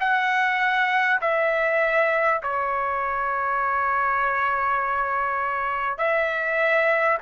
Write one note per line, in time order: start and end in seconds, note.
0.00 1.20 F#5
1.21 2.41 E5
2.42 5.98 C#5
5.98 7.18 E5